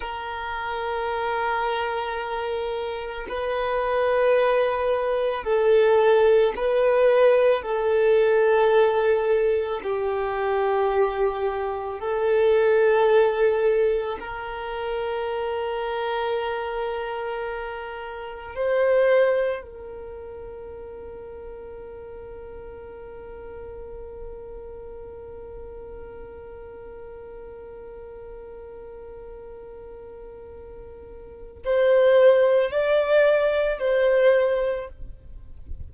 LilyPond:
\new Staff \with { instrumentName = "violin" } { \time 4/4 \tempo 4 = 55 ais'2. b'4~ | b'4 a'4 b'4 a'4~ | a'4 g'2 a'4~ | a'4 ais'2.~ |
ais'4 c''4 ais'2~ | ais'1~ | ais'1~ | ais'4 c''4 d''4 c''4 | }